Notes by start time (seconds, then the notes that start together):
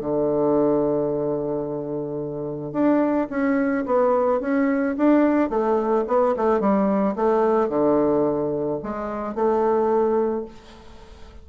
0.00 D3
2.72 D4
3.30 C#4
3.86 B3
4.41 C#4
4.97 D4
5.50 A3
6.08 B3
6.37 A3
6.60 G3
7.16 A3
7.69 D3
8.83 G#3
9.35 A3